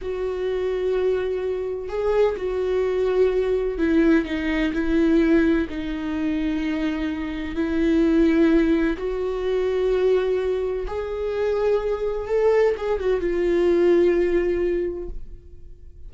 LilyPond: \new Staff \with { instrumentName = "viola" } { \time 4/4 \tempo 4 = 127 fis'1 | gis'4 fis'2. | e'4 dis'4 e'2 | dis'1 |
e'2. fis'4~ | fis'2. gis'4~ | gis'2 a'4 gis'8 fis'8 | f'1 | }